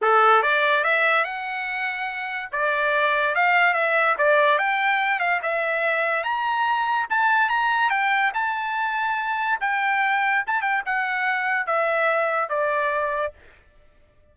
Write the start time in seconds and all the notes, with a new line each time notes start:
0.01 A4
0.42 D5
0.84 E5
1.24 F#5
2.52 D5
3.35 F5
3.73 E5
4.18 D5
4.58 G5
5.19 F5
5.42 E5
6.23 A#5
7.09 A5
7.49 A#5
7.90 G5
8.34 A5
9.60 G5
10.46 A5
10.61 G5
10.85 F#5
11.66 E5
12.49 D5